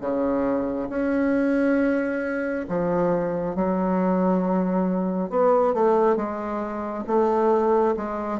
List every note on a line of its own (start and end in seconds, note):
0.00 0.88 C#3
0.89 2.65 C#4
2.68 3.55 F3
3.55 5.29 F#3
5.29 5.74 B3
5.74 6.16 A3
6.16 7.04 G#3
7.06 7.95 A3
7.97 8.39 G#3